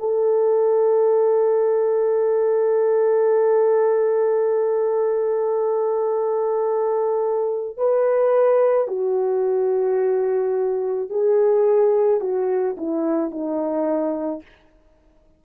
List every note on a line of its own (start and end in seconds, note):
0.00 7.78 A4
7.78 8.88 B4
8.88 11.10 F#4
11.10 12.21 G#4
12.21 12.76 F#4
12.78 13.31 E4
13.31 14.42 D#4